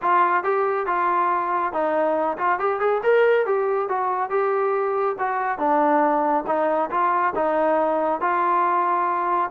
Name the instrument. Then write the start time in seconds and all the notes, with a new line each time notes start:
trombone
0.02 F4
0.43 G4
0.86 F4
1.72 D#4
2.37 F4
2.59 G4
2.80 G#4
3.03 A#4
3.46 G4
3.88 F#4
4.29 G4
5.19 F#4
5.58 D4
6.46 D#4
6.90 F4
7.35 D#4
8.21 F4